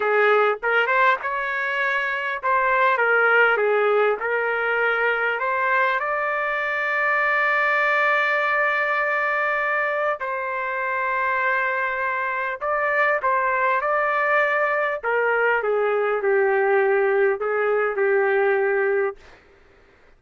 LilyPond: \new Staff \with { instrumentName = "trumpet" } { \time 4/4 \tempo 4 = 100 gis'4 ais'8 c''8 cis''2 | c''4 ais'4 gis'4 ais'4~ | ais'4 c''4 d''2~ | d''1~ |
d''4 c''2.~ | c''4 d''4 c''4 d''4~ | d''4 ais'4 gis'4 g'4~ | g'4 gis'4 g'2 | }